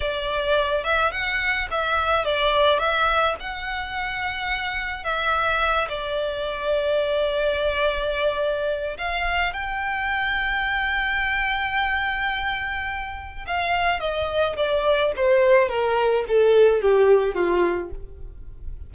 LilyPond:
\new Staff \with { instrumentName = "violin" } { \time 4/4 \tempo 4 = 107 d''4. e''8 fis''4 e''4 | d''4 e''4 fis''2~ | fis''4 e''4. d''4.~ | d''1 |
f''4 g''2.~ | g''1 | f''4 dis''4 d''4 c''4 | ais'4 a'4 g'4 f'4 | }